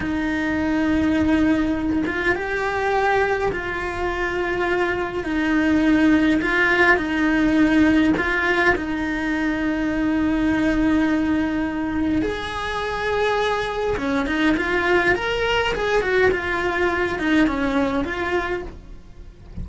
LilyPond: \new Staff \with { instrumentName = "cello" } { \time 4/4 \tempo 4 = 103 dis'2.~ dis'8 f'8 | g'2 f'2~ | f'4 dis'2 f'4 | dis'2 f'4 dis'4~ |
dis'1~ | dis'4 gis'2. | cis'8 dis'8 f'4 ais'4 gis'8 fis'8 | f'4. dis'8 cis'4 f'4 | }